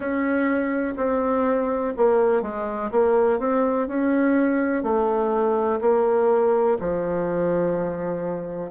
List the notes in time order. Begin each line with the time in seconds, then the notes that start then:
0.00 C#4
0.97 C4
1.96 A#3
2.42 G#3
2.91 A#3
3.39 C4
3.87 C#4
4.83 A3
5.81 A#3
6.80 F3